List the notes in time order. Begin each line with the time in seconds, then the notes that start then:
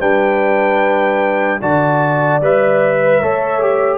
0.00 G3 D4 B4 G5
1.61 D3 F#4 D5 A5
2.41 G3 B4 E5
3.03 B4
3.22 A3 A4 C#5
3.61 G4